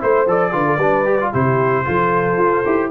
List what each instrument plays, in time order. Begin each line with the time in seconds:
0.00 tuba A3, trombone E4, horn C5, trumpet C5
0.27 tuba F3, trombone A4, trumpet D5
0.53 tuba D3, trombone F4, horn B4
0.67 horn A4
0.77 tuba G3, trombone D4, horn B4
1.06 trombone G4
1.21 trombone F4
1.33 tuba C3, trombone E4, horn G4, trumpet C5
1.85 tuba F3, trombone F4, horn A4
2.38 tuba F4
2.66 tuba E4, trombone G4